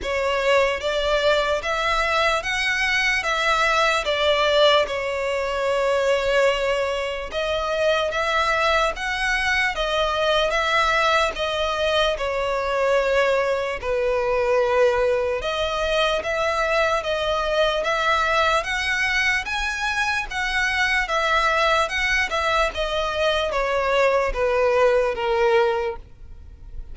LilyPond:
\new Staff \with { instrumentName = "violin" } { \time 4/4 \tempo 4 = 74 cis''4 d''4 e''4 fis''4 | e''4 d''4 cis''2~ | cis''4 dis''4 e''4 fis''4 | dis''4 e''4 dis''4 cis''4~ |
cis''4 b'2 dis''4 | e''4 dis''4 e''4 fis''4 | gis''4 fis''4 e''4 fis''8 e''8 | dis''4 cis''4 b'4 ais'4 | }